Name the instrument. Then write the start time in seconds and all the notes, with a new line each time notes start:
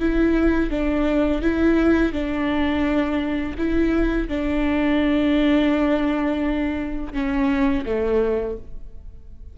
viola
0.00 E4
0.70 D4
1.42 E4
2.12 D4
3.58 E4
4.28 D4
7.13 C#4
7.86 A3